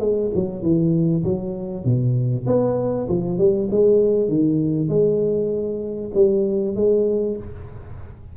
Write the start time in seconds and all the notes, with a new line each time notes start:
0.00 G#3
0.35 F#3
0.62 E3
1.24 F#3
1.85 B2
2.47 B3
3.09 F3
3.38 G3
3.71 G#3
4.29 D#3
4.89 G#3
6.14 G3
6.75 G#3